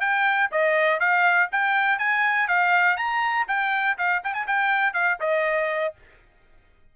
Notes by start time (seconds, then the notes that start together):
0.00 G5
0.51 D#5
1.00 F5
1.51 G5
1.98 G#5
2.47 F5
2.97 A#5
3.48 G5
3.98 F5
4.24 G5
4.34 G#5
4.47 G5
4.93 F5
5.20 D#5